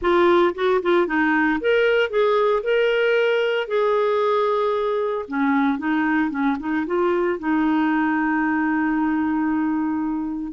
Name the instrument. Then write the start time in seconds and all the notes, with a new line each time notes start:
clarinet
0.01 F4
0.54 F#4
0.82 F4
1.06 D#4
1.60 A#4
2.10 G#4
2.63 A#4
3.67 G#4
5.28 C#4
5.78 D#4
6.30 C#4
6.59 D#4
6.86 F4
7.39 D#4